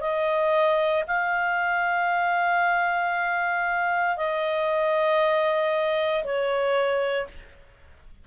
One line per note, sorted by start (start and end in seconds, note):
0.00 1.03 D#5
1.07 4.17 F5
4.17 6.24 D#5
6.24 7.27 C#5